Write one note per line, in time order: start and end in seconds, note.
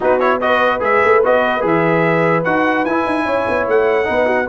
0.00 0.80 B3
0.00 0.20 D#4
0.00 0.41 F#4
0.00 0.19 B4
0.19 0.40 E4
0.19 0.40 C#5
0.40 0.80 F#4
0.40 3.25 B4
0.40 0.81 D#5
0.80 1.01 G#3
0.80 1.20 G#4
0.80 1.24 E5
1.04 1.25 A3
1.23 1.63 B3
1.23 1.60 F#4
1.23 1.65 D#5
1.60 2.44 E3
1.60 2.41 G#4
1.66 2.44 E5
2.44 2.84 D#4
2.44 2.85 F#4
2.44 2.85 F#5
2.84 3.05 E4
2.84 4.03 E4
2.84 3.66 G#5
3.06 3.25 D#4
3.25 3.45 C#4
3.25 4.06 C#5
3.48 3.67 B3
3.67 4.08 A3
3.67 4.48 F#5
4.03 4.48 B3
4.03 4.44 D#4
4.03 4.26 B4
4.26 4.46 F#4